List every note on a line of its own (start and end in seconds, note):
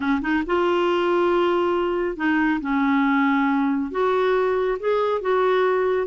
0.00 0.21 C#4
0.21 0.43 D#4
0.46 2.16 F4
2.16 2.59 D#4
2.60 3.91 C#4
3.91 4.78 F#4
4.79 5.21 G#4
5.21 6.07 F#4